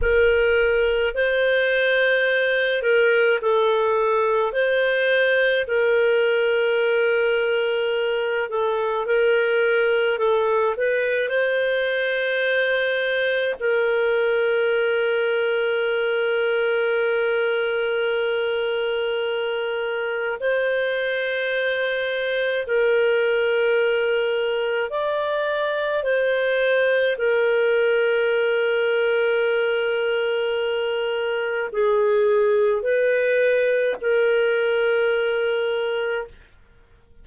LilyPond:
\new Staff \with { instrumentName = "clarinet" } { \time 4/4 \tempo 4 = 53 ais'4 c''4. ais'8 a'4 | c''4 ais'2~ ais'8 a'8 | ais'4 a'8 b'8 c''2 | ais'1~ |
ais'2 c''2 | ais'2 d''4 c''4 | ais'1 | gis'4 b'4 ais'2 | }